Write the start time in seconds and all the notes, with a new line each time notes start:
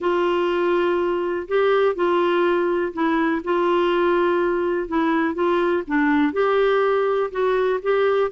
0.00 F4
1.48 G4
1.95 F4
2.93 E4
3.44 F4
4.88 E4
5.34 F4
5.87 D4
6.32 G4
7.31 F#4
7.82 G4